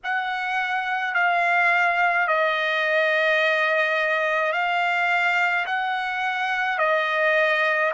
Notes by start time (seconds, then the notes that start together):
0.03 F#5
1.14 F5
2.27 D#5
4.52 F5
5.66 F#5
6.78 D#5